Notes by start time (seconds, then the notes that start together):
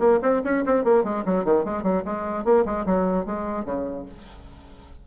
0.00 A#3
0.23 C4
0.45 C#4
0.66 C4
0.85 A#3
1.04 G#3
1.26 F#3
1.45 D#3
1.65 G#3
1.83 F#3
2.05 G#3
2.45 A#3
2.66 G#3
2.86 F#3
3.27 G#3
3.66 C#3